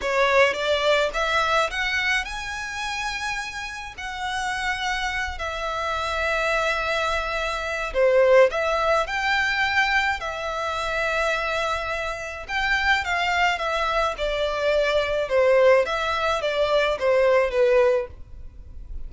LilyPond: \new Staff \with { instrumentName = "violin" } { \time 4/4 \tempo 4 = 106 cis''4 d''4 e''4 fis''4 | gis''2. fis''4~ | fis''4. e''2~ e''8~ | e''2 c''4 e''4 |
g''2 e''2~ | e''2 g''4 f''4 | e''4 d''2 c''4 | e''4 d''4 c''4 b'4 | }